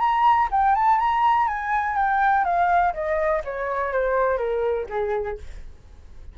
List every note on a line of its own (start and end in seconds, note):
0.00 0.49 A#5
0.51 0.76 G5
0.76 0.99 A5
0.99 1.48 A#5
1.48 1.96 G#5
1.96 2.45 G5
2.45 2.93 F5
2.94 3.43 D#5
3.45 3.93 C#5
3.93 4.38 C5
4.38 4.87 A#4
4.90 5.38 G#4